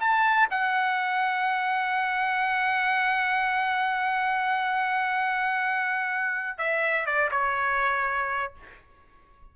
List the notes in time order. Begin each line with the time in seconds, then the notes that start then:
0.00 A5
0.50 F#5
6.58 E5
7.06 D5
7.31 C#5